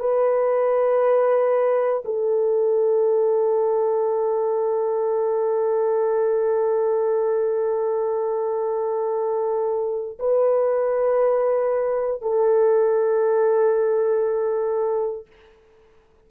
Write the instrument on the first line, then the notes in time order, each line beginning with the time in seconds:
horn
0.00 B4
2.05 A4
10.20 B4
12.22 A4